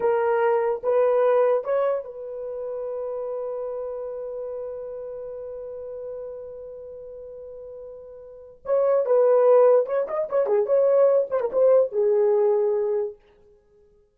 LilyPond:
\new Staff \with { instrumentName = "horn" } { \time 4/4 \tempo 4 = 146 ais'2 b'2 | cis''4 b'2.~ | b'1~ | b'1~ |
b'1~ | b'4 cis''4 b'2 | cis''8 dis''8 cis''8 gis'8 cis''4. c''16 ais'16 | c''4 gis'2. | }